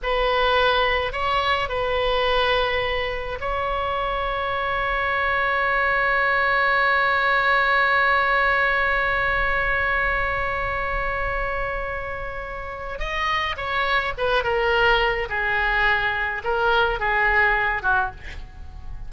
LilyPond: \new Staff \with { instrumentName = "oboe" } { \time 4/4 \tempo 4 = 106 b'2 cis''4 b'4~ | b'2 cis''2~ | cis''1~ | cis''1~ |
cis''1~ | cis''2. dis''4 | cis''4 b'8 ais'4. gis'4~ | gis'4 ais'4 gis'4. fis'8 | }